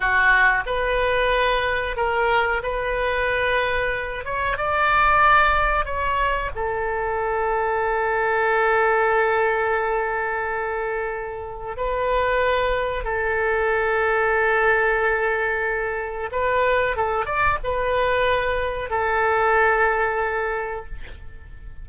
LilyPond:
\new Staff \with { instrumentName = "oboe" } { \time 4/4 \tempo 4 = 92 fis'4 b'2 ais'4 | b'2~ b'8 cis''8 d''4~ | d''4 cis''4 a'2~ | a'1~ |
a'2 b'2 | a'1~ | a'4 b'4 a'8 d''8 b'4~ | b'4 a'2. | }